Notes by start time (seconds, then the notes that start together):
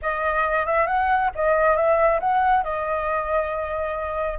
0.01 D#5
0.66 E5
0.86 F#5
1.35 D#5
1.75 E5
2.20 F#5
2.63 D#5